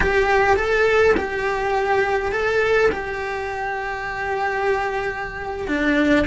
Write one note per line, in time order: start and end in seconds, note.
0.00 0.56 G4
0.56 1.14 A4
1.16 2.31 G4
2.31 2.90 A4
2.91 5.67 G4
5.67 6.25 D4